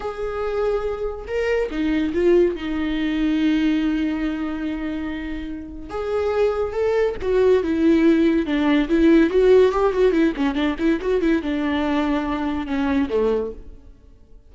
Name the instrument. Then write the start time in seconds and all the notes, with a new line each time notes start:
viola
0.00 G#4
1.27 A#4
1.70 D#4
2.13 F4
2.55 D#4
5.89 G#4
6.73 A4
7.21 F#4
7.63 E4
8.46 D4
8.88 E4
9.30 F#4
9.72 G4
9.92 F#4
10.12 E4
10.36 C#4
10.54 D4
10.78 E4
11.00 F#4
11.21 E4
11.42 D4
12.66 C#4
13.09 A3